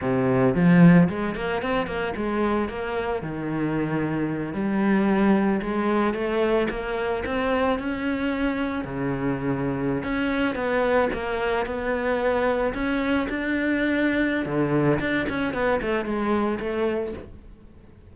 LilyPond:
\new Staff \with { instrumentName = "cello" } { \time 4/4 \tempo 4 = 112 c4 f4 gis8 ais8 c'8 ais8 | gis4 ais4 dis2~ | dis8 g2 gis4 a8~ | a8 ais4 c'4 cis'4.~ |
cis'8 cis2~ cis16 cis'4 b16~ | b8. ais4 b2 cis'16~ | cis'8. d'2~ d'16 d4 | d'8 cis'8 b8 a8 gis4 a4 | }